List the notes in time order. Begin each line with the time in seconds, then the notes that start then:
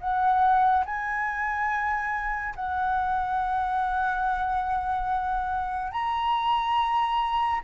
0.00 F#5
0.85 G#5
2.55 F#5
5.92 A#5